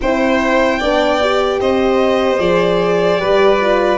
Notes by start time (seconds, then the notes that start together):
0.01 C4 E4 C5 G5
0.79 B3 D4 D5
1.20 G4
1.60 C4 C5 D#5
2.38 F3 G#4 D5
3.17 G3 G4 B4
3.61 F4